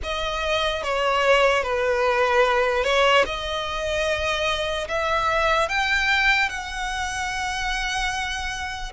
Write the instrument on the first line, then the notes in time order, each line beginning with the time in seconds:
violin
0.03 D#5
0.83 C#5
1.63 B4
2.83 C#5
3.25 D#5
4.88 E5
5.69 G5
6.49 F#5